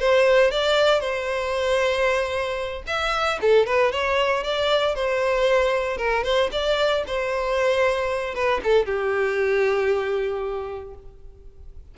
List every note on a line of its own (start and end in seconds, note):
0.00 0.51 C5
0.51 1.00 D5
1.00 2.83 C5
2.87 3.39 E5
3.42 3.66 A4
3.66 3.92 B4
3.92 4.43 C#5
4.43 4.95 D5
4.95 5.98 C5
5.98 6.24 A#4
6.24 6.50 C5
6.52 7.04 D5
7.07 8.35 C5
8.35 8.61 B4
8.63 8.86 A4
8.86 10.95 G4